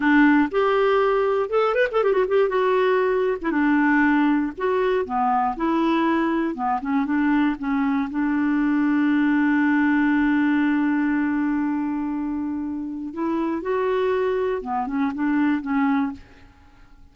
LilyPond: \new Staff \with { instrumentName = "clarinet" } { \time 4/4 \tempo 4 = 119 d'4 g'2 a'8 b'16 a'16 | g'16 fis'16 g'8 fis'4.~ fis'16 e'16 d'4~ | d'4 fis'4 b4 e'4~ | e'4 b8 cis'8 d'4 cis'4 |
d'1~ | d'1~ | d'2 e'4 fis'4~ | fis'4 b8 cis'8 d'4 cis'4 | }